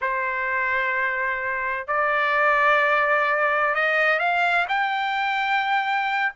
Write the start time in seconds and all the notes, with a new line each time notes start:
0.01 C5
1.87 D5
3.74 D#5
4.19 F5
4.68 G5